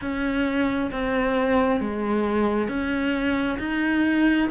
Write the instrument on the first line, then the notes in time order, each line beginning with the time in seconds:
cello
0.01 C#4
0.91 C4
1.80 G#3
2.68 C#4
3.59 D#4